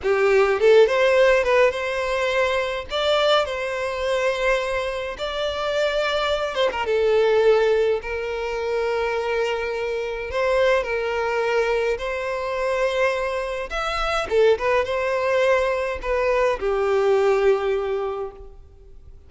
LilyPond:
\new Staff \with { instrumentName = "violin" } { \time 4/4 \tempo 4 = 105 g'4 a'8 c''4 b'8 c''4~ | c''4 d''4 c''2~ | c''4 d''2~ d''8 c''16 ais'16 | a'2 ais'2~ |
ais'2 c''4 ais'4~ | ais'4 c''2. | e''4 a'8 b'8 c''2 | b'4 g'2. | }